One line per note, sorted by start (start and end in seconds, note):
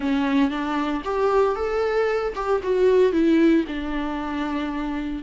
0.00 0.50 C#4
0.50 1.02 D4
1.04 1.55 G4
1.55 2.33 A4
2.35 2.61 G4
2.63 3.12 F#4
3.12 3.64 E4
3.67 5.23 D4